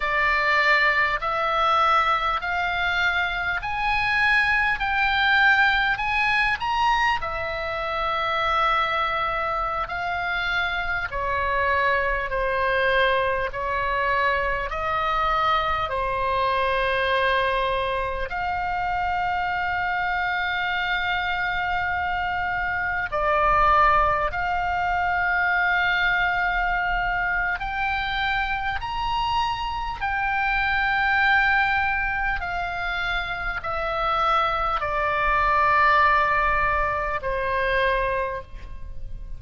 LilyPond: \new Staff \with { instrumentName = "oboe" } { \time 4/4 \tempo 4 = 50 d''4 e''4 f''4 gis''4 | g''4 gis''8 ais''8 e''2~ | e''16 f''4 cis''4 c''4 cis''8.~ | cis''16 dis''4 c''2 f''8.~ |
f''2.~ f''16 d''8.~ | d''16 f''2~ f''8. g''4 | ais''4 g''2 f''4 | e''4 d''2 c''4 | }